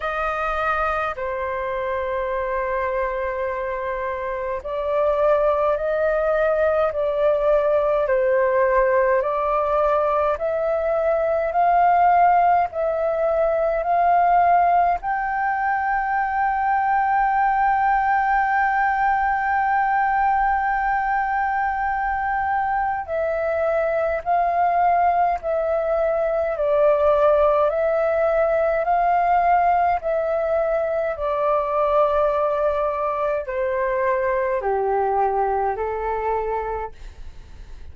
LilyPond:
\new Staff \with { instrumentName = "flute" } { \time 4/4 \tempo 4 = 52 dis''4 c''2. | d''4 dis''4 d''4 c''4 | d''4 e''4 f''4 e''4 | f''4 g''2.~ |
g''1 | e''4 f''4 e''4 d''4 | e''4 f''4 e''4 d''4~ | d''4 c''4 g'4 a'4 | }